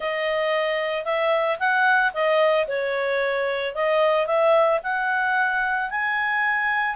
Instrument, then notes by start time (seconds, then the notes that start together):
clarinet
0.00 D#5
1.04 E5
1.59 F#5
2.13 D#5
2.67 C#5
3.75 D#5
4.26 E5
4.83 F#5
5.90 G#5